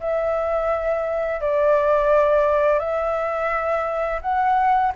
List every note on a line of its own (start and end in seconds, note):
0.00 1.41 E5
1.41 2.79 D5
2.79 4.21 E5
4.22 4.93 F#5